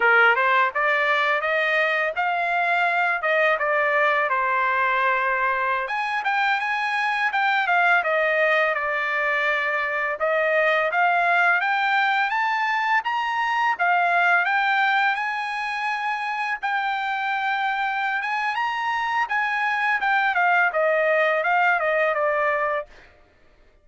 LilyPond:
\new Staff \with { instrumentName = "trumpet" } { \time 4/4 \tempo 4 = 84 ais'8 c''8 d''4 dis''4 f''4~ | f''8 dis''8 d''4 c''2~ | c''16 gis''8 g''8 gis''4 g''8 f''8 dis''8.~ | dis''16 d''2 dis''4 f''8.~ |
f''16 g''4 a''4 ais''4 f''8.~ | f''16 g''4 gis''2 g''8.~ | g''4. gis''8 ais''4 gis''4 | g''8 f''8 dis''4 f''8 dis''8 d''4 | }